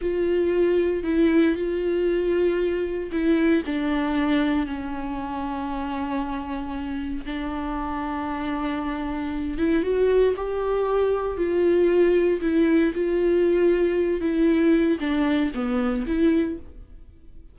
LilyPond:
\new Staff \with { instrumentName = "viola" } { \time 4/4 \tempo 4 = 116 f'2 e'4 f'4~ | f'2 e'4 d'4~ | d'4 cis'2.~ | cis'2 d'2~ |
d'2~ d'8 e'8 fis'4 | g'2 f'2 | e'4 f'2~ f'8 e'8~ | e'4 d'4 b4 e'4 | }